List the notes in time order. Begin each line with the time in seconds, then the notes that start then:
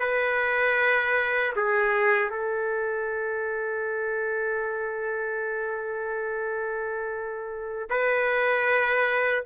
0.00 B4
1.56 G#4
2.31 A4
7.90 B4